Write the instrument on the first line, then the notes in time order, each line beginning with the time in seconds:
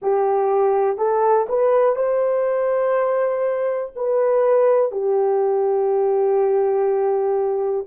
horn
0.02 G4
0.97 A4
1.48 B4
1.95 C5
3.95 B4
4.91 G4